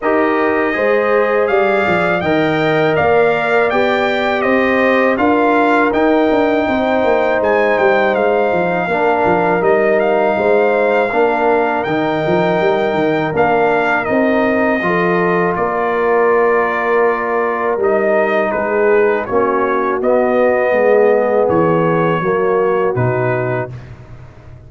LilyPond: <<
  \new Staff \with { instrumentName = "trumpet" } { \time 4/4 \tempo 4 = 81 dis''2 f''4 g''4 | f''4 g''4 dis''4 f''4 | g''2 gis''8 g''8 f''4~ | f''4 dis''8 f''2~ f''8 |
g''2 f''4 dis''4~ | dis''4 d''2. | dis''4 b'4 cis''4 dis''4~ | dis''4 cis''2 b'4 | }
  \new Staff \with { instrumentName = "horn" } { \time 4/4 ais'4 c''4 d''4 dis''4 | d''2 c''4 ais'4~ | ais'4 c''2. | ais'2 c''4 ais'4~ |
ais'1 | a'4 ais'2.~ | ais'4 gis'4 fis'2 | gis'2 fis'2 | }
  \new Staff \with { instrumentName = "trombone" } { \time 4/4 g'4 gis'2 ais'4~ | ais'4 g'2 f'4 | dis'1 | d'4 dis'2 d'4 |
dis'2 d'4 dis'4 | f'1 | dis'2 cis'4 b4~ | b2 ais4 dis'4 | }
  \new Staff \with { instrumentName = "tuba" } { \time 4/4 dis'4 gis4 g8 f8 dis4 | ais4 b4 c'4 d'4 | dis'8 d'8 c'8 ais8 gis8 g8 gis8 f8 | ais8 f8 g4 gis4 ais4 |
dis8 f8 g8 dis8 ais4 c'4 | f4 ais2. | g4 gis4 ais4 b4 | gis4 e4 fis4 b,4 | }
>>